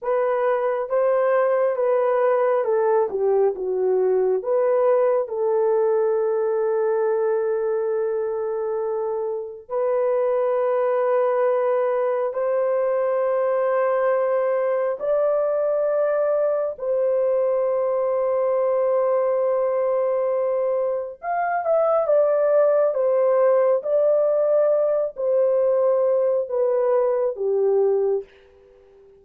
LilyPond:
\new Staff \with { instrumentName = "horn" } { \time 4/4 \tempo 4 = 68 b'4 c''4 b'4 a'8 g'8 | fis'4 b'4 a'2~ | a'2. b'4~ | b'2 c''2~ |
c''4 d''2 c''4~ | c''1 | f''8 e''8 d''4 c''4 d''4~ | d''8 c''4. b'4 g'4 | }